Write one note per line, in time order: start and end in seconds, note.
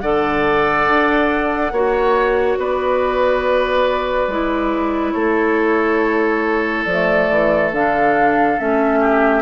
0.00 0.87 D3
0.00 1.74 A4
0.00 1.73 D5
0.00 2.57 F#5
0.87 1.72 D4
1.72 2.57 A#3
1.72 4.31 F#4
1.72 2.59 C#5
2.57 4.27 B3
2.57 5.13 B4
2.57 5.12 D5
4.27 5.13 G#3
4.27 6.88 E4
5.12 6.86 A3
5.12 8.99 A4
5.12 6.83 C#5
6.85 7.29 F3
6.85 7.74 A3
6.85 7.70 D5
7.30 7.72 E3
7.72 8.58 D3
7.72 8.58 D4
7.72 8.59 F5
8.58 9.42 A3
8.58 9.42 C#4
8.58 9.42 E5
9.00 9.42 G4